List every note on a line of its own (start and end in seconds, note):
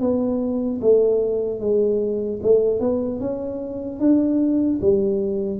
0.00 0.80 B3
0.81 1.60 A3
1.60 2.40 G#3
2.43 2.80 A3
2.80 3.20 B3
3.20 4.00 C#4
4.00 4.80 D4
4.81 5.60 G3